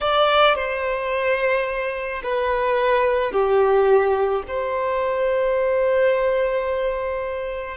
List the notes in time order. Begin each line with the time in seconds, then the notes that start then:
0.01 D5
0.55 C5
2.23 B4
3.31 G4
4.47 C5